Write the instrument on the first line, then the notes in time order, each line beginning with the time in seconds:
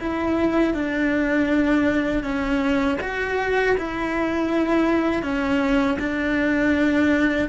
cello
0.00 E4
0.74 D4
2.24 C#4
3.01 F#4
3.78 E4
5.23 C#4
5.99 D4